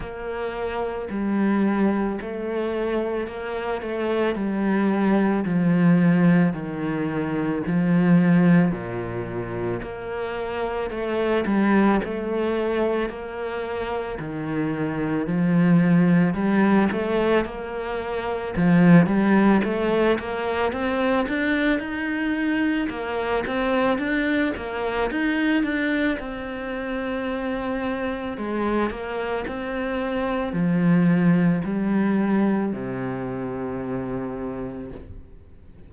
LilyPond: \new Staff \with { instrumentName = "cello" } { \time 4/4 \tempo 4 = 55 ais4 g4 a4 ais8 a8 | g4 f4 dis4 f4 | ais,4 ais4 a8 g8 a4 | ais4 dis4 f4 g8 a8 |
ais4 f8 g8 a8 ais8 c'8 d'8 | dis'4 ais8 c'8 d'8 ais8 dis'8 d'8 | c'2 gis8 ais8 c'4 | f4 g4 c2 | }